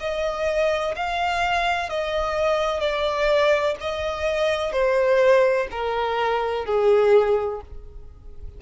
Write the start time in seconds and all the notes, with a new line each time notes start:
0.00 D#5
0.96 F5
1.90 D#5
2.81 D5
3.81 D#5
4.73 C5
5.71 A#4
6.66 G#4